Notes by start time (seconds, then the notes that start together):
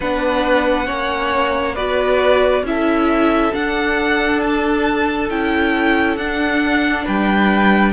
0.00 B3 D4 B4 F#5
0.86 A#3 C#4 C#5
1.74 B3 F#4 B4 D5
2.62 C#4 E4 A4 E5
3.52 D4 F#5
4.40 A5
5.29 C#4 E4 G5
6.16 D4 F#5
7.04 G3 B4 G5